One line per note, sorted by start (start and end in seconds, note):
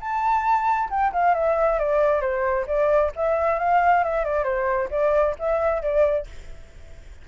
0.00 0.90 A5
0.90 1.12 G5
1.13 1.34 F5
1.34 1.79 E5
1.79 2.21 D5
2.21 2.66 C5
2.67 3.12 D5
3.16 3.59 E5
3.59 4.04 F5
4.04 4.25 E5
4.25 4.44 D5
4.44 4.89 C5
4.91 5.35 D5
5.39 5.82 E5
5.82 6.27 D5